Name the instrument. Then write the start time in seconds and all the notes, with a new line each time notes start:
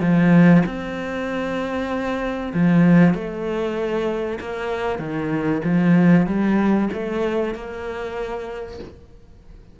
cello
0.00 F3
0.65 C4
2.53 F3
3.14 A3
4.40 A#3
4.99 D#3
5.64 F3
6.26 G3
6.93 A3
7.54 A#3